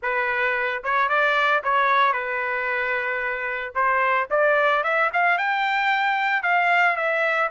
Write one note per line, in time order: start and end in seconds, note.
0.02 0.83 B4
0.83 1.09 C#5
1.09 1.62 D5
1.63 2.12 C#5
2.12 3.73 B4
3.74 4.28 C5
4.30 4.83 D5
4.83 5.10 E5
5.13 5.37 F5
5.37 6.43 G5
6.43 6.96 F5
6.96 7.50 E5